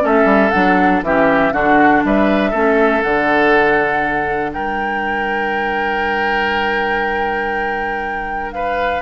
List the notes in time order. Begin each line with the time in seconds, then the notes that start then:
0.00 A3 C#4 A4
0.06 E5
0.25 G3
0.51 F#3 D4 F#5
1.02 E3 C#4 G4 E5
1.52 D3 D4 F#4 F#5
2.04 G3 B4 E5
2.50 A3 C#4 A4
3.02 D3 D4 F#5
4.53 G3 A#4 G5
8.52 B4 F5